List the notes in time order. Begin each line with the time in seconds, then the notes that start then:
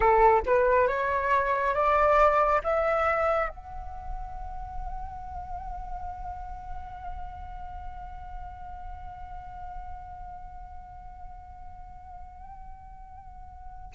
0.00 A4
0.45 B4
0.87 C#5
1.74 D5
2.63 E5
3.49 F#5